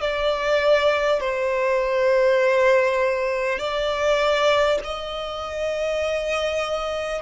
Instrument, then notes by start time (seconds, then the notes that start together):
violin
0.00 D5
1.20 C5
3.58 D5
4.83 D#5